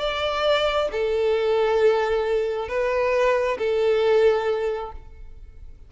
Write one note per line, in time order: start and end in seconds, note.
0.00 0.89 D5
0.92 2.69 A4
2.69 3.58 B4
3.59 4.92 A4